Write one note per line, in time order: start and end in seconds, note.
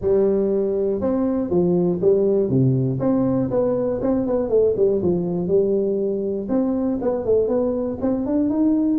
0.01 1.00 G3
1.00 1.50 C4
1.50 2.00 F3
2.01 2.49 G3
2.49 2.99 C3
2.99 3.49 C4
3.50 4.00 B3
4.01 4.26 C4
4.26 4.49 B3
4.49 4.74 A3
4.76 5.01 G3
5.02 5.47 F3
5.47 6.47 G3
6.48 6.98 C4
7.01 7.25 B3
7.25 7.47 A3
7.47 7.97 B3
8.01 8.26 C4
8.26 8.49 D4
8.49 8.98 D#4